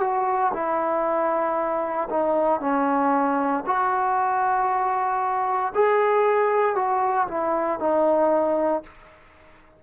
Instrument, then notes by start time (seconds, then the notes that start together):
trombone
0.00 F#4
0.53 E4
2.10 D#4
2.60 C#4
3.66 F#4
5.75 G#4
6.75 F#4
7.27 E4
7.80 D#4